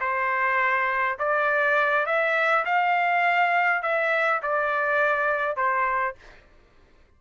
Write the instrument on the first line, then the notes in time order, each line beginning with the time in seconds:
trumpet
0.00 C5
1.18 D5
2.06 E5
2.65 F5
3.82 E5
4.42 D5
5.56 C5